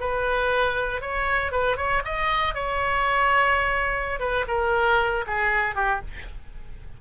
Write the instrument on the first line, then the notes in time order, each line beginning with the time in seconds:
oboe
0.00 B4
1.02 C#5
1.52 B4
1.77 C#5
2.05 D#5
2.55 C#5
4.20 B4
4.48 A#4
5.27 G#4
5.75 G4